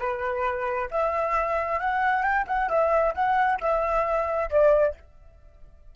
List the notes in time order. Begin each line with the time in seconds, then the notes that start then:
0.00 B4
0.91 E5
1.80 F#5
2.23 G5
2.47 F#5
2.70 E5
3.15 F#5
3.61 E5
4.50 D5